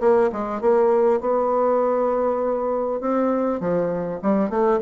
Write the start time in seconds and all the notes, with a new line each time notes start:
0.00 A#3
0.32 G#3
0.61 A#3
1.20 B3
3.00 C4
3.60 F3
4.22 G3
4.50 A3